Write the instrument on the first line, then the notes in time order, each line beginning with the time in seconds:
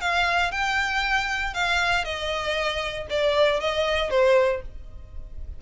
violin
0.00 F5
0.51 G5
1.53 F5
2.04 D#5
3.09 D5
3.60 D#5
4.10 C5